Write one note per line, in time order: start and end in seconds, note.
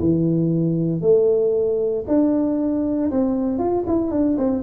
0.00 1.02 E3
1.02 2.05 A3
2.07 3.11 D4
3.11 3.59 C4
3.59 3.84 F4
3.87 4.11 E4
4.11 4.37 D4
4.38 4.63 C4